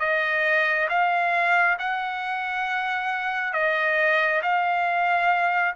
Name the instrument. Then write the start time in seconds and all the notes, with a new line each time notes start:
trumpet
0.00 D#5
0.89 F5
1.79 F#5
3.54 D#5
4.43 F5